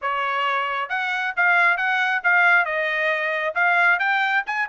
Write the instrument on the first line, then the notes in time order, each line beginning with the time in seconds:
trumpet
0.01 C#5
0.89 F#5
1.36 F5
1.77 F#5
2.23 F5
2.65 D#5
3.54 F5
3.99 G5
4.46 G#5